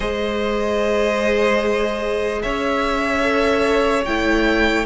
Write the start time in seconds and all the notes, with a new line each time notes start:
0.00 G#3 G#4 C5 D#5
2.42 C#4 C#5 E5
3.22 A4
4.04 A3 E4 G5